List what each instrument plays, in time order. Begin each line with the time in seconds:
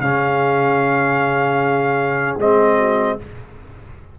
0.00 tuba C#3, trombone C#4, horn G#4, trumpet F5
2.37 tuba G#3, trombone C4, trumpet D#5
2.77 horn F#4